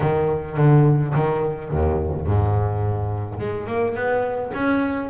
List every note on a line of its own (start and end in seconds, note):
0.00 0.57 D#3
0.57 1.13 D3
1.14 1.71 D#3
1.71 2.26 D#2
2.26 3.39 G#2
3.39 3.66 G#3
3.66 3.95 A#3
3.95 4.51 B3
4.54 5.09 C#4